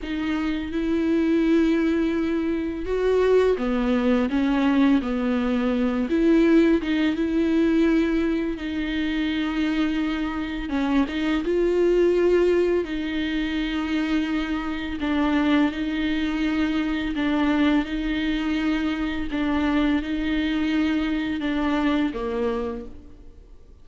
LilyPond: \new Staff \with { instrumentName = "viola" } { \time 4/4 \tempo 4 = 84 dis'4 e'2. | fis'4 b4 cis'4 b4~ | b8 e'4 dis'8 e'2 | dis'2. cis'8 dis'8 |
f'2 dis'2~ | dis'4 d'4 dis'2 | d'4 dis'2 d'4 | dis'2 d'4 ais4 | }